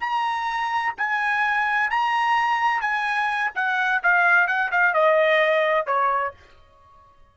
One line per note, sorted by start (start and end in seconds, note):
0.00 0.94 A#5
0.97 1.90 G#5
1.90 2.81 A#5
2.81 3.51 G#5
3.55 4.02 F#5
4.03 4.47 F5
4.47 4.70 F#5
4.71 4.94 F5
4.94 5.87 D#5
5.87 6.33 C#5